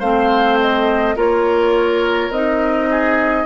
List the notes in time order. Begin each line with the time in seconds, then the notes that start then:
0.00 A3 C4 C5 F5
0.60 D#5
1.16 A#3 F4 A#4 C#5
2.30 C4 D#4 D#5
2.91 G#4